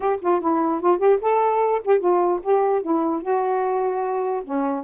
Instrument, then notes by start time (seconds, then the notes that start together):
saxophone
0.00 G4
0.21 F4
0.40 E4
0.81 F4
0.98 G4
1.21 A4
1.84 G4
1.99 F4
2.42 G4
2.82 E4
3.22 F#4
4.44 C#4